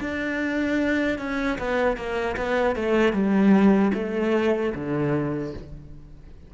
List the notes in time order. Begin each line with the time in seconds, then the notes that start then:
0.00 D4
1.18 C#4
1.58 B3
1.96 A#3
2.36 B3
2.75 A3
3.12 G3
3.94 A3
4.74 D3